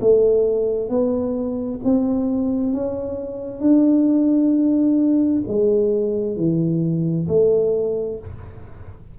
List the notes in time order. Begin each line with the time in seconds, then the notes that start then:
0.00 A3
0.89 B3
1.84 C4
2.73 C#4
3.60 D4
5.47 G#3
6.36 E3
7.28 A3